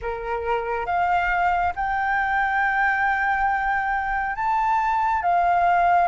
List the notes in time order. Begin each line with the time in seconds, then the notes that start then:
0.01 A#4
0.86 F5
1.75 G5
4.35 A5
5.22 F5